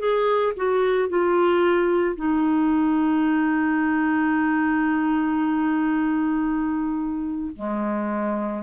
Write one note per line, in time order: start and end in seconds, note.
0.00 0.54 G#4
0.57 1.10 F#4
1.10 2.16 F4
2.16 7.51 D#4
7.56 8.63 G#3